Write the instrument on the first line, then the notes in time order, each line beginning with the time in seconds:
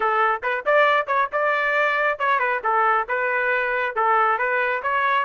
trumpet
0.00 A4
0.42 B4
0.65 D5
1.07 C#5
1.32 D5
2.18 C#5
2.39 B4
2.63 A4
3.08 B4
3.95 A4
4.38 B4
4.82 C#5